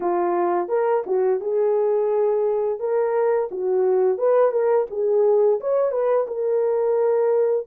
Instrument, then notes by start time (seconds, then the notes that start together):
horn
0.00 F4
0.68 A#4
1.06 F#4
1.40 G#4
2.79 A#4
3.51 F#4
4.18 B4
4.51 A#4
4.90 G#4
5.60 C#5
5.91 B4
6.27 A#4